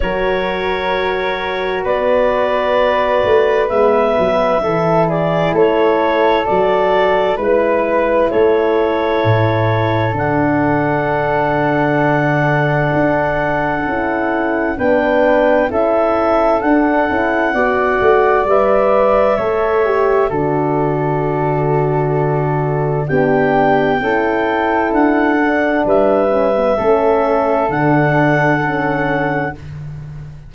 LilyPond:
<<
  \new Staff \with { instrumentName = "clarinet" } { \time 4/4 \tempo 4 = 65 cis''2 d''2 | e''4. d''8 cis''4 d''4 | b'4 cis''2 fis''4~ | fis''1 |
g''4 e''4 fis''2 | e''2 d''2~ | d''4 g''2 fis''4 | e''2 fis''2 | }
  \new Staff \with { instrumentName = "flute" } { \time 4/4 ais'2 b'2~ | b'4 a'8 gis'8 a'2 | b'4 a'2.~ | a'1 |
b'4 a'2 d''4~ | d''4 cis''4 a'2~ | a'4 g'4 a'2 | b'4 a'2. | }
  \new Staff \with { instrumentName = "horn" } { \time 4/4 fis'1 | b4 e'2 fis'4 | e'2. d'4~ | d'2. e'4 |
d'4 e'4 d'8 e'8 fis'4 | b'4 a'8 g'8 fis'2~ | fis'4 d'4 e'4. d'8~ | d'8 cis'16 b16 cis'4 d'4 cis'4 | }
  \new Staff \with { instrumentName = "tuba" } { \time 4/4 fis2 b4. a8 | gis8 fis8 e4 a4 fis4 | gis4 a4 a,4 d4~ | d2 d'4 cis'4 |
b4 cis'4 d'8 cis'8 b8 a8 | g4 a4 d2~ | d4 b4 cis'4 d'4 | g4 a4 d2 | }
>>